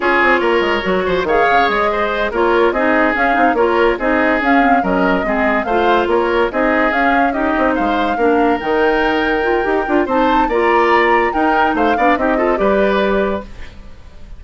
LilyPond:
<<
  \new Staff \with { instrumentName = "flute" } { \time 4/4 \tempo 4 = 143 cis''2. f''4 | dis''4. cis''4 dis''4 f''8~ | f''8 cis''4 dis''4 f''4 dis''8~ | dis''4. f''4 cis''4 dis''8~ |
dis''8 f''4 dis''4 f''4.~ | f''8 g''2.~ g''8 | a''4 ais''2 g''4 | f''4 dis''4 d''2 | }
  \new Staff \with { instrumentName = "oboe" } { \time 4/4 gis'4 ais'4. c''8 cis''4~ | cis''8 c''4 ais'4 gis'4.~ | gis'8 ais'4 gis'2 ais'8~ | ais'8 gis'4 c''4 ais'4 gis'8~ |
gis'4. g'4 c''4 ais'8~ | ais'1 | c''4 d''2 ais'4 | c''8 d''8 g'8 a'8 b'2 | }
  \new Staff \with { instrumentName = "clarinet" } { \time 4/4 f'2 fis'4 gis'4~ | gis'4. f'4 dis'4 cis'8 | dis'8 f'4 dis'4 cis'8 c'8 cis'8~ | cis'8 c'4 f'2 dis'8~ |
dis'8 cis'4 dis'2 d'8~ | d'8 dis'2 f'8 g'8 f'8 | dis'4 f'2 dis'4~ | dis'8 d'8 dis'8 f'8 g'2 | }
  \new Staff \with { instrumentName = "bassoon" } { \time 4/4 cis'8 c'8 ais8 gis8 fis8 f8 dis8 cis8 | gis4. ais4 c'4 cis'8 | c'8 ais4 c'4 cis'4 fis8~ | fis8 gis4 a4 ais4 c'8~ |
c'8 cis'4. c'8 gis4 ais8~ | ais8 dis2~ dis8 dis'8 d'8 | c'4 ais2 dis'4 | a8 b8 c'4 g2 | }
>>